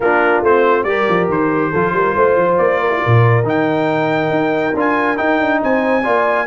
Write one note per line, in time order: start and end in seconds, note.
0.00 0.41 A#3
0.00 0.45 D4
0.00 0.87 F4
0.00 0.44 A#4
0.41 0.84 A3
0.41 0.88 C4
0.41 0.83 C5
0.83 1.05 G3
0.83 1.74 G4
0.83 1.70 A#4
0.83 1.26 D5
1.08 1.28 F3
1.28 1.71 D#3
1.28 2.57 C5
1.70 1.93 F3
1.70 3.44 F4
1.70 1.92 A4
1.93 2.14 G3
1.93 2.15 A#4
2.15 2.36 A3
2.15 2.79 C5
2.36 2.58 F3
2.57 3.02 A#3
2.57 3.44 D5
2.80 2.89 A#4
2.89 3.00 E4
3.02 3.43 A#2
3.02 5.61 A#4
3.43 4.29 D#3
3.43 4.73 D#4
3.43 4.77 G5
4.30 4.73 D#4
4.74 5.17 D4
4.74 5.16 F4
4.74 5.17 G#5
5.16 6.02 D#4
5.16 5.40 D#4
5.16 5.60 G5
5.40 5.61 D4
5.62 6.06 C4
5.62 6.02 C5
5.62 6.46 G#5
6.02 6.46 A#3
6.02 6.46 F4
6.02 6.45 D5